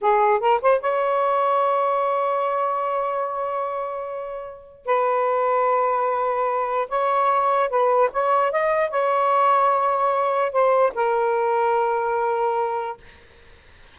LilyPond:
\new Staff \with { instrumentName = "saxophone" } { \time 4/4 \tempo 4 = 148 gis'4 ais'8 c''8 cis''2~ | cis''1~ | cis''1 | b'1~ |
b'4 cis''2 b'4 | cis''4 dis''4 cis''2~ | cis''2 c''4 ais'4~ | ais'1 | }